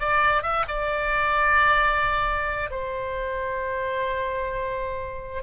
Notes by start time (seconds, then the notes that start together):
0.00 D5
0.43 E5
0.68 D5
2.71 C5